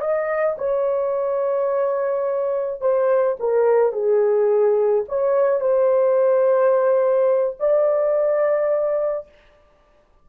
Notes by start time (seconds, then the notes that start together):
0.00 D#5
0.58 C#5
2.80 C5
3.39 A#4
3.92 G#4
5.08 C#5
5.60 C5
7.60 D5